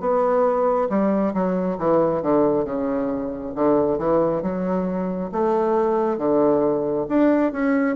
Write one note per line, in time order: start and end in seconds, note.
0.00 0.88 B3
0.89 1.34 G3
1.34 1.78 F#3
1.78 2.22 E3
2.22 2.65 D3
2.65 3.53 C#3
3.55 3.99 D3
3.99 4.42 E3
4.42 5.31 F#3
5.32 6.18 A3
6.18 7.06 D3
7.09 7.52 D4
7.52 7.96 C#4